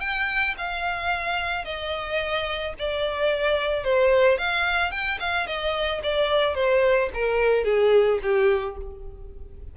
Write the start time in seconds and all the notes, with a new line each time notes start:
0.00 G5
0.57 F5
1.65 D#5
2.78 D5
3.84 C5
4.38 F5
4.91 G5
5.20 F5
5.46 D#5
6.03 D5
6.55 C5
7.14 A#4
7.64 G#4
8.22 G4